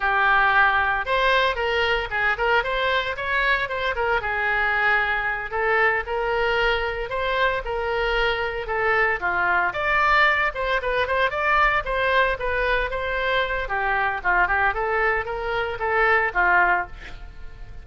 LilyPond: \new Staff \with { instrumentName = "oboe" } { \time 4/4 \tempo 4 = 114 g'2 c''4 ais'4 | gis'8 ais'8 c''4 cis''4 c''8 ais'8 | gis'2~ gis'8 a'4 ais'8~ | ais'4. c''4 ais'4.~ |
ais'8 a'4 f'4 d''4. | c''8 b'8 c''8 d''4 c''4 b'8~ | b'8 c''4. g'4 f'8 g'8 | a'4 ais'4 a'4 f'4 | }